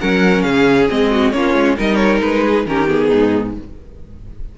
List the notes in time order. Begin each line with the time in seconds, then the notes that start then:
0.00 F#3 C#4 A#4 F#5
0.42 C#3 G#4 F5
0.89 G#3 C4 D#5
1.11 F#4
1.32 A#3 C#4 F4 C#5
1.54 G#3
1.77 G3 D#4 A#4 D#5
1.96 C#5
2.21 G#3 B4
2.44 G#4
2.66 D#3 C#4 G4 A#4
2.87 B3 G#4
3.08 D#4
3.14 G#2